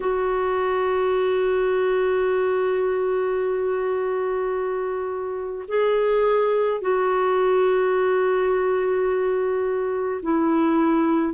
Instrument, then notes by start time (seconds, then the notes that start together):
clarinet
0.00 F#4
5.68 G#4
6.81 F#4
10.22 E4